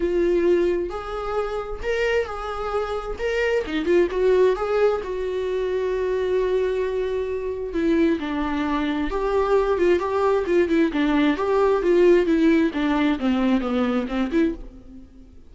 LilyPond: \new Staff \with { instrumentName = "viola" } { \time 4/4 \tempo 4 = 132 f'2 gis'2 | ais'4 gis'2 ais'4 | dis'8 f'8 fis'4 gis'4 fis'4~ | fis'1~ |
fis'4 e'4 d'2 | g'4. f'8 g'4 f'8 e'8 | d'4 g'4 f'4 e'4 | d'4 c'4 b4 c'8 e'8 | }